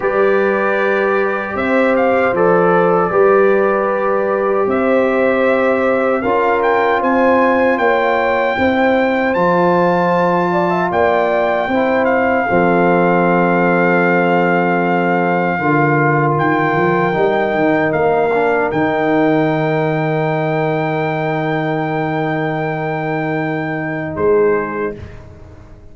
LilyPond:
<<
  \new Staff \with { instrumentName = "trumpet" } { \time 4/4 \tempo 4 = 77 d''2 e''8 f''8 d''4~ | d''2 e''2 | f''8 g''8 gis''4 g''2 | a''2 g''4. f''8~ |
f''1~ | f''4 g''2 f''4 | g''1~ | g''2. c''4 | }
  \new Staff \with { instrumentName = "horn" } { \time 4/4 b'2 c''2 | b'2 c''2 | ais'4 c''4 cis''4 c''4~ | c''4. d''16 e''16 d''4 c''4 |
a'1 | ais'1~ | ais'1~ | ais'2. gis'4 | }
  \new Staff \with { instrumentName = "trombone" } { \time 4/4 g'2. a'4 | g'1 | f'2. e'4 | f'2. e'4 |
c'1 | f'2 dis'4. d'8 | dis'1~ | dis'1 | }
  \new Staff \with { instrumentName = "tuba" } { \time 4/4 g2 c'4 f4 | g2 c'2 | cis'4 c'4 ais4 c'4 | f2 ais4 c'4 |
f1 | d4 dis8 f8 g8 dis8 ais4 | dis1~ | dis2. gis4 | }
>>